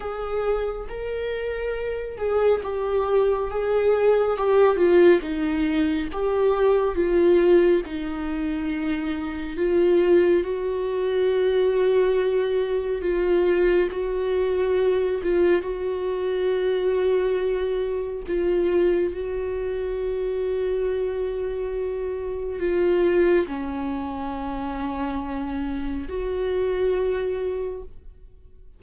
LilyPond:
\new Staff \with { instrumentName = "viola" } { \time 4/4 \tempo 4 = 69 gis'4 ais'4. gis'8 g'4 | gis'4 g'8 f'8 dis'4 g'4 | f'4 dis'2 f'4 | fis'2. f'4 |
fis'4. f'8 fis'2~ | fis'4 f'4 fis'2~ | fis'2 f'4 cis'4~ | cis'2 fis'2 | }